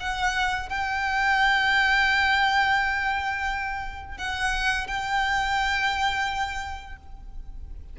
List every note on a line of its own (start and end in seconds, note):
0.00 0.69 F#5
0.69 4.18 G5
4.18 4.87 F#5
4.87 6.97 G5